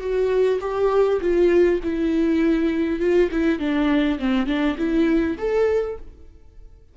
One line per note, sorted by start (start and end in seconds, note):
0.00 0.59 F#4
0.60 1.20 G4
1.21 1.80 F4
1.83 3.00 E4
3.00 3.29 F4
3.31 3.59 E4
3.59 4.18 D4
4.19 4.47 C4
4.47 4.76 D4
4.78 5.37 E4
5.38 5.97 A4